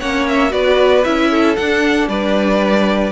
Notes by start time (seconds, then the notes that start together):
0.00 A#3 C#4 C#5 F#5
0.29 E5
0.50 B3 F#4 B4 D5
1.04 C#4 E4 E5
1.31 A4
1.56 D4 F#5
2.09 G3 B4 D5